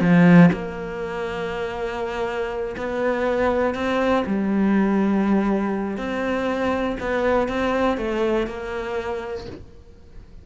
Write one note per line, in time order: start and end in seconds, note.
0.00 0.50 F3
0.52 2.75 A#3
2.77 3.74 B3
3.74 4.24 C4
4.26 5.97 G3
5.97 6.96 C4
7.00 7.48 B3
7.48 7.97 C4
7.97 8.47 A3
8.47 9.46 A#3